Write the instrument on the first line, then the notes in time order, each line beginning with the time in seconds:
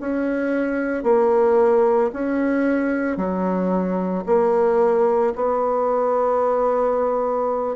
bassoon
0.00 C#4
1.03 A#3
2.13 C#4
3.17 F#3
4.26 A#3
5.35 B3